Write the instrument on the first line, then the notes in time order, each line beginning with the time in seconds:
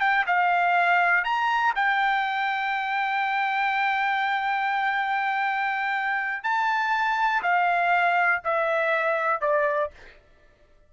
trumpet
0.00 G5
0.27 F5
1.24 A#5
1.75 G5
6.43 A5
7.43 F5
8.44 E5
9.41 D5